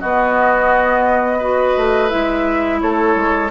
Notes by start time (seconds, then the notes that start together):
0.00 B3 F#4 D#5
1.38 F#4 B4
1.76 A3
2.09 G#3 E4 E5
2.81 A3 A4 C#5
3.15 G#3